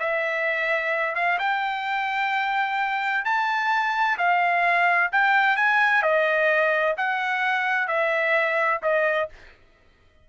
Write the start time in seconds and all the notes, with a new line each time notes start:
0.00 E5
1.15 F5
1.39 G5
3.25 A5
4.18 F5
5.12 G5
5.57 G#5
6.03 D#5
6.97 F#5
7.88 E5
8.83 D#5